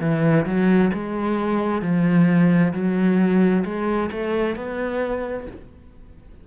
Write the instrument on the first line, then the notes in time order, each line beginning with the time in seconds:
cello
0.00 E3
0.45 F#3
0.93 G#3
1.82 F3
2.73 F#3
3.64 G#3
4.11 A3
4.56 B3